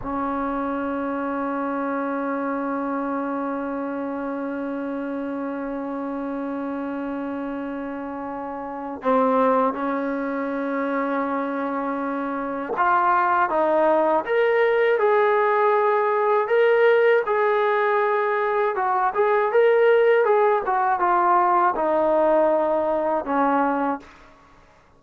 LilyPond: \new Staff \with { instrumentName = "trombone" } { \time 4/4 \tempo 4 = 80 cis'1~ | cis'1~ | cis'1 | c'4 cis'2.~ |
cis'4 f'4 dis'4 ais'4 | gis'2 ais'4 gis'4~ | gis'4 fis'8 gis'8 ais'4 gis'8 fis'8 | f'4 dis'2 cis'4 | }